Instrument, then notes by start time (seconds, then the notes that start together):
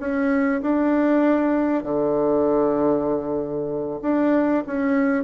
bassoon
0.00 C#4
0.62 D4
1.84 D3
4.02 D4
4.67 C#4